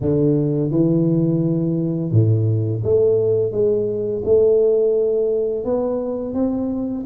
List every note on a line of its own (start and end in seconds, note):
0.00 0.71 D3
0.71 2.11 E3
2.11 2.82 A2
2.83 3.51 A3
3.51 4.22 G#3
4.24 5.64 A3
5.64 6.34 B3
6.34 7.04 C4